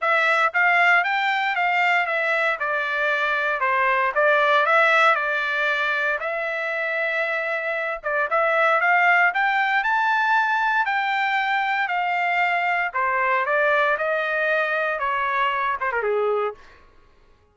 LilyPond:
\new Staff \with { instrumentName = "trumpet" } { \time 4/4 \tempo 4 = 116 e''4 f''4 g''4 f''4 | e''4 d''2 c''4 | d''4 e''4 d''2 | e''2.~ e''8 d''8 |
e''4 f''4 g''4 a''4~ | a''4 g''2 f''4~ | f''4 c''4 d''4 dis''4~ | dis''4 cis''4. c''16 ais'16 gis'4 | }